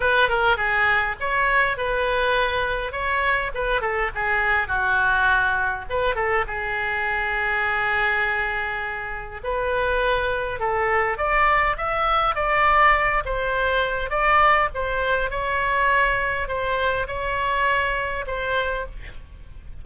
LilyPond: \new Staff \with { instrumentName = "oboe" } { \time 4/4 \tempo 4 = 102 b'8 ais'8 gis'4 cis''4 b'4~ | b'4 cis''4 b'8 a'8 gis'4 | fis'2 b'8 a'8 gis'4~ | gis'1 |
b'2 a'4 d''4 | e''4 d''4. c''4. | d''4 c''4 cis''2 | c''4 cis''2 c''4 | }